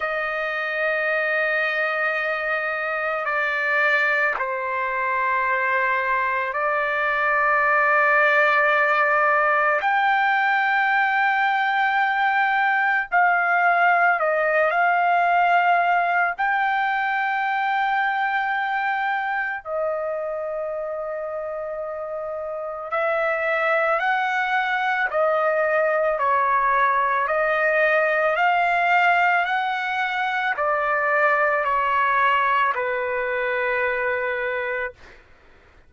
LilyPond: \new Staff \with { instrumentName = "trumpet" } { \time 4/4 \tempo 4 = 55 dis''2. d''4 | c''2 d''2~ | d''4 g''2. | f''4 dis''8 f''4. g''4~ |
g''2 dis''2~ | dis''4 e''4 fis''4 dis''4 | cis''4 dis''4 f''4 fis''4 | d''4 cis''4 b'2 | }